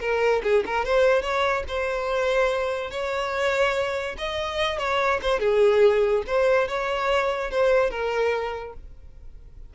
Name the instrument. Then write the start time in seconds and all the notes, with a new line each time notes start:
violin
0.00 A#4
0.43 G#4
0.66 A#4
0.84 C5
1.22 C#5
1.67 C5
2.91 C#5
4.17 D#5
4.78 C#5
5.22 C5
5.39 G#4
6.27 C5
6.68 C#5
7.51 C5
7.90 A#4